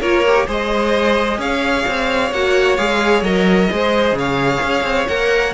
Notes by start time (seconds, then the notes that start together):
0.00 A#3 F4 A#4 C#5
0.27 G4
0.47 G#3 G#4 C5 D#5
1.38 C#4 C#5 F5
1.88 C4
2.32 A#3 F#4 F#5
2.76 G#3 G#4 F5
3.22 F#3 A#4 D#5
3.70 G#3 G#4 C5
4.12 C#3
4.18 C#5 F5
4.63 C#4
4.83 C4
5.08 A#3 A#4 F#5